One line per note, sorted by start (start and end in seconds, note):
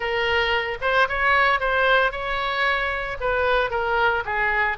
0.00 0.77 A#4
0.81 1.08 C5
1.08 1.60 C#5
1.60 2.11 C5
2.11 3.17 C#5
3.20 3.70 B4
3.70 4.23 A#4
4.25 4.77 G#4